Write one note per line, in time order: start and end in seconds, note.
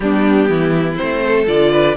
0.00 0.49 G3
0.00 0.96 B3
0.00 0.50 D4
0.00 0.95 G4
0.49 0.98 E3
0.49 1.24 E4
0.95 1.45 C4
0.95 1.44 C5
1.02 1.47 A3
1.25 1.71 A4
1.46 1.96 D3
1.46 1.96 F4
1.46 1.96 D5
1.71 1.95 B4